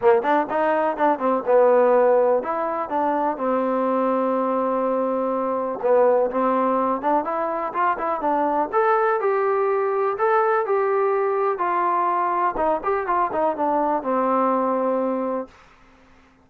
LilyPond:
\new Staff \with { instrumentName = "trombone" } { \time 4/4 \tempo 4 = 124 ais8 d'8 dis'4 d'8 c'8 b4~ | b4 e'4 d'4 c'4~ | c'1 | b4 c'4. d'8 e'4 |
f'8 e'8 d'4 a'4 g'4~ | g'4 a'4 g'2 | f'2 dis'8 g'8 f'8 dis'8 | d'4 c'2. | }